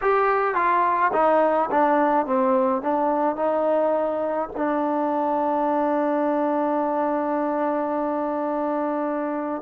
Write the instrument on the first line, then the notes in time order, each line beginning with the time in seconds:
trombone
0.01 G4
0.55 F4
1.13 D#4
1.70 D4
2.25 C4
2.81 D4
3.36 D#4
4.55 D4